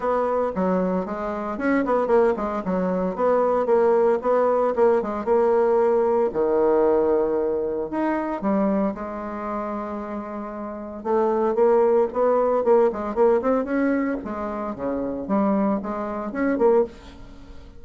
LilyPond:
\new Staff \with { instrumentName = "bassoon" } { \time 4/4 \tempo 4 = 114 b4 fis4 gis4 cis'8 b8 | ais8 gis8 fis4 b4 ais4 | b4 ais8 gis8 ais2 | dis2. dis'4 |
g4 gis2.~ | gis4 a4 ais4 b4 | ais8 gis8 ais8 c'8 cis'4 gis4 | cis4 g4 gis4 cis'8 ais8 | }